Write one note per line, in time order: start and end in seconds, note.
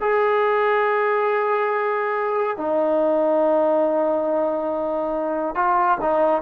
0.00 2.57 G#4
2.57 5.55 D#4
5.55 5.98 F4
6.01 6.42 D#4